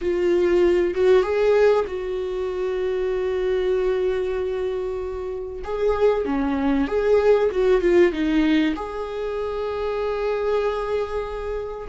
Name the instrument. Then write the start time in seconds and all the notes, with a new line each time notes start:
viola
0.01 F4
0.94 F#4
1.22 G#4
1.87 F#4
5.64 G#4
6.25 C#4
6.87 G#4
7.51 F#4
7.81 F4
8.12 D#4
8.75 G#4